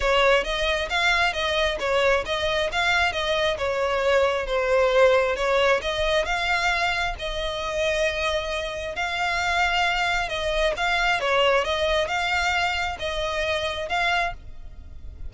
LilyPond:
\new Staff \with { instrumentName = "violin" } { \time 4/4 \tempo 4 = 134 cis''4 dis''4 f''4 dis''4 | cis''4 dis''4 f''4 dis''4 | cis''2 c''2 | cis''4 dis''4 f''2 |
dis''1 | f''2. dis''4 | f''4 cis''4 dis''4 f''4~ | f''4 dis''2 f''4 | }